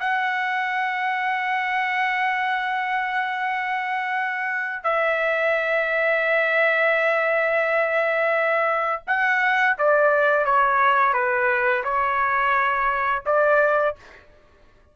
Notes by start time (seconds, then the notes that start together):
0.00 F#5
4.84 E5
9.07 F#5
9.79 D5
10.46 C#5
11.14 B4
11.84 C#5
13.27 D5